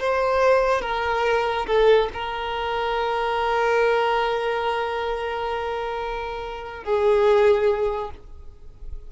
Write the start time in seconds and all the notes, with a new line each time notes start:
0.00 C5
0.82 A#4
1.67 A4
2.14 A#4
6.84 G#4